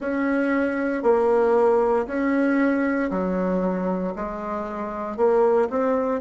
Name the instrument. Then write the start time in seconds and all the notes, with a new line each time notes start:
bassoon
0.00 C#4
1.03 A#3
2.06 C#4
3.10 F#3
4.15 G#3
5.16 A#3
5.69 C4